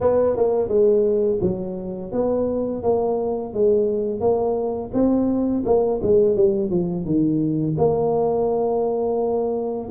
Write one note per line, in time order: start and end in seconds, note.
0.01 0.36 B3
0.36 0.68 A#3
0.68 1.39 G#3
1.41 2.11 F#3
2.12 2.82 B3
2.82 3.53 A#3
3.53 4.20 G#3
4.20 4.91 A#3
4.93 5.64 C4
5.65 6.01 A#3
6.02 6.36 G#3
6.36 6.70 G3
6.70 7.05 F3
7.05 7.76 D#3
7.78 9.90 A#3